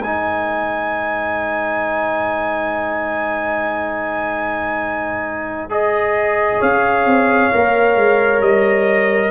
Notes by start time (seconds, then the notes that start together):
0.00 G#3 D#4 C5 G#5
5.70 G#4 D#5
6.58 C#4 C#5 F5
7.06 C4
7.52 A#3 A#4
7.96 G#3
8.40 G3 D#5